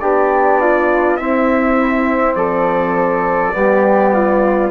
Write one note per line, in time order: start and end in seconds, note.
0.00 1.19 B3
0.00 1.19 D4
0.00 0.61 G4
0.00 1.17 D5
0.61 1.19 F4
1.17 3.52 C4
1.17 2.36 C4
1.17 2.37 E4
1.17 2.35 E5
2.36 3.53 F3
2.36 3.55 A4
2.36 4.71 D5
3.52 4.71 G3
3.52 4.70 B3
3.52 4.14 G4
4.14 4.71 F4